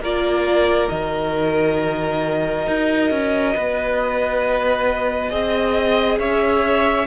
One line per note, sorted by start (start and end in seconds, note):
0.00 0.88 A#3
0.00 0.90 F4
0.00 3.55 A#4
0.00 0.90 D5
0.90 2.67 D#3
0.90 5.30 F#4
0.90 6.19 D#5
2.68 3.11 D#4
3.11 3.55 C#4
3.55 5.33 B3
3.55 5.31 B4
5.30 6.20 C4
5.30 7.06 G#4
5.30 6.19 D#5
6.20 7.08 C#4
6.20 7.08 C#5
6.20 7.08 E5